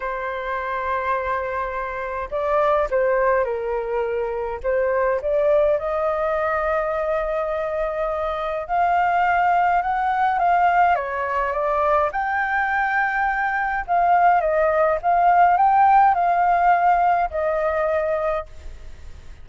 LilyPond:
\new Staff \with { instrumentName = "flute" } { \time 4/4 \tempo 4 = 104 c''1 | d''4 c''4 ais'2 | c''4 d''4 dis''2~ | dis''2. f''4~ |
f''4 fis''4 f''4 cis''4 | d''4 g''2. | f''4 dis''4 f''4 g''4 | f''2 dis''2 | }